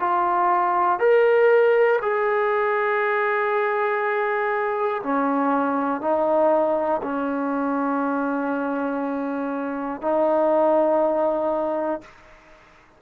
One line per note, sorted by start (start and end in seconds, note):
0.00 1.00 F4
1.00 2.00 A#4
2.02 5.02 G#4
5.04 6.01 C#4
6.01 7.01 D#4
7.03 10.02 C#4
10.02 12.02 D#4